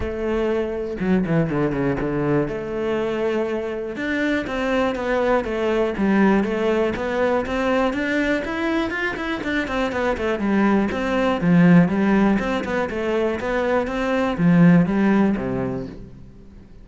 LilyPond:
\new Staff \with { instrumentName = "cello" } { \time 4/4 \tempo 4 = 121 a2 fis8 e8 d8 cis8 | d4 a2. | d'4 c'4 b4 a4 | g4 a4 b4 c'4 |
d'4 e'4 f'8 e'8 d'8 c'8 | b8 a8 g4 c'4 f4 | g4 c'8 b8 a4 b4 | c'4 f4 g4 c4 | }